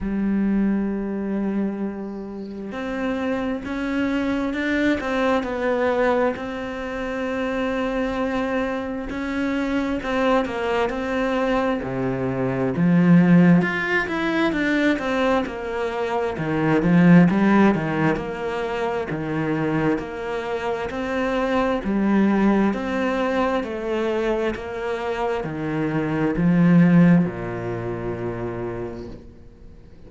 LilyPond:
\new Staff \with { instrumentName = "cello" } { \time 4/4 \tempo 4 = 66 g2. c'4 | cis'4 d'8 c'8 b4 c'4~ | c'2 cis'4 c'8 ais8 | c'4 c4 f4 f'8 e'8 |
d'8 c'8 ais4 dis8 f8 g8 dis8 | ais4 dis4 ais4 c'4 | g4 c'4 a4 ais4 | dis4 f4 ais,2 | }